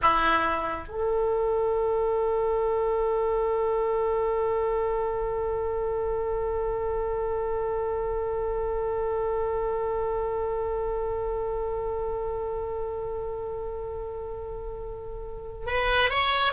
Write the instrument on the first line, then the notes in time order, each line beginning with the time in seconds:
oboe
0.02 E4
0.88 A4
15.66 B4
16.09 C#5